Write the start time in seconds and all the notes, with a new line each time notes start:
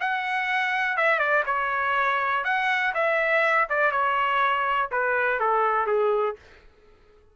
0.00 F#5
0.97 E5
1.18 D5
1.46 C#5
2.44 F#5
2.94 E5
3.69 D5
3.91 C#5
4.91 B4
5.39 A4
5.86 G#4